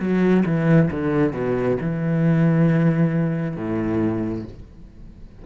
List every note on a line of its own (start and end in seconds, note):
0.00 0.44 F#3
0.46 0.90 E3
0.91 1.34 D3
1.34 1.77 B2
1.81 3.57 E3
3.57 4.45 A2